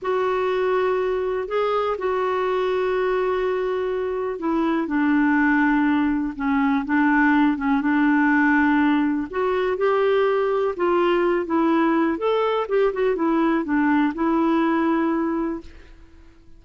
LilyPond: \new Staff \with { instrumentName = "clarinet" } { \time 4/4 \tempo 4 = 123 fis'2. gis'4 | fis'1~ | fis'4 e'4 d'2~ | d'4 cis'4 d'4. cis'8 |
d'2. fis'4 | g'2 f'4. e'8~ | e'4 a'4 g'8 fis'8 e'4 | d'4 e'2. | }